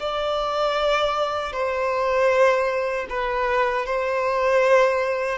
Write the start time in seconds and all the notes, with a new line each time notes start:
0.00 D5
1.53 C5
3.10 B4
3.86 C5